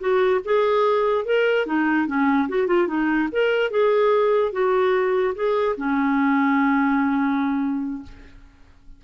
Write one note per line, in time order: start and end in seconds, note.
0.00 0.41 F#4
0.45 1.26 G#4
1.26 1.67 A#4
1.67 2.08 D#4
2.08 2.49 C#4
2.49 2.67 F#4
2.67 2.88 F4
2.88 3.29 D#4
3.32 3.71 A#4
3.71 4.53 G#4
4.53 5.35 F#4
5.35 5.76 G#4
5.77 8.03 C#4